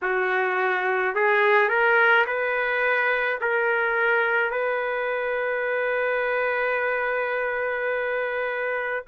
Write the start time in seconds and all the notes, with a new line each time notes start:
0.02 F#4
1.15 G#4
1.68 A#4
2.26 B4
3.41 A#4
4.50 B4